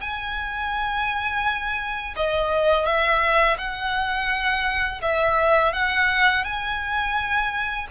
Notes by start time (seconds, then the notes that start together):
0.00 G#5
2.16 D#5
2.85 E5
3.57 F#5
5.01 E5
5.73 F#5
6.44 G#5